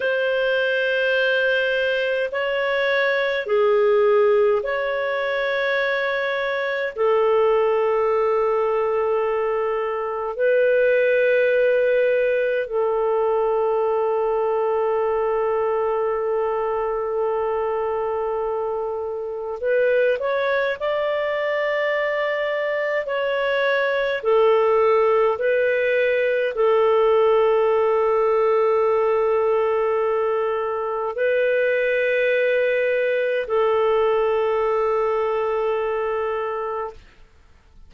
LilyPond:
\new Staff \with { instrumentName = "clarinet" } { \time 4/4 \tempo 4 = 52 c''2 cis''4 gis'4 | cis''2 a'2~ | a'4 b'2 a'4~ | a'1~ |
a'4 b'8 cis''8 d''2 | cis''4 a'4 b'4 a'4~ | a'2. b'4~ | b'4 a'2. | }